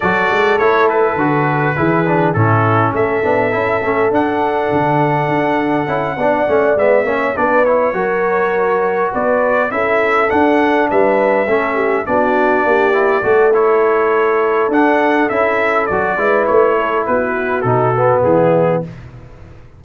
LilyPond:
<<
  \new Staff \with { instrumentName = "trumpet" } { \time 4/4 \tempo 4 = 102 d''4 cis''8 b'2~ b'8 | a'4 e''2 fis''4~ | fis''2.~ fis''8 e''8~ | e''8 d''8 cis''2~ cis''8 d''8~ |
d''8 e''4 fis''4 e''4.~ | e''8 d''2~ d''8 cis''4~ | cis''4 fis''4 e''4 d''4 | cis''4 b'4 a'4 gis'4 | }
  \new Staff \with { instrumentName = "horn" } { \time 4/4 a'2. gis'4 | e'4 a'2.~ | a'2~ a'8 d''4. | cis''8 b'4 ais'2 b'8~ |
b'8 a'2 b'4 a'8 | g'8 fis'4 g'4 a'4.~ | a'2.~ a'8 b'8~ | b'8 a'8 fis'2 e'4 | }
  \new Staff \with { instrumentName = "trombone" } { \time 4/4 fis'4 e'4 fis'4 e'8 d'8 | cis'4. d'8 e'8 cis'8 d'4~ | d'2 e'8 d'8 cis'8 b8 | cis'8 d'8 e'8 fis'2~ fis'8~ |
fis'8 e'4 d'2 cis'8~ | cis'8 d'4. e'8 fis'8 e'4~ | e'4 d'4 e'4 fis'8 e'8~ | e'2 dis'8 b4. | }
  \new Staff \with { instrumentName = "tuba" } { \time 4/4 fis8 gis8 a4 d4 e4 | a,4 a8 b8 cis'8 a8 d'4 | d4 d'4 cis'8 b8 a8 gis8 | ais8 b4 fis2 b8~ |
b8 cis'4 d'4 g4 a8~ | a8 b4 ais4 a4.~ | a4 d'4 cis'4 fis8 gis8 | a4 b4 b,4 e4 | }
>>